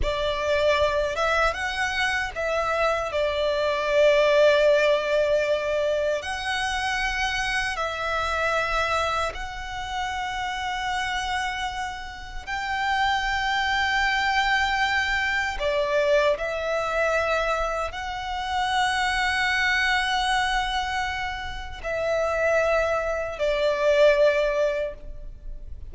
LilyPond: \new Staff \with { instrumentName = "violin" } { \time 4/4 \tempo 4 = 77 d''4. e''8 fis''4 e''4 | d''1 | fis''2 e''2 | fis''1 |
g''1 | d''4 e''2 fis''4~ | fis''1 | e''2 d''2 | }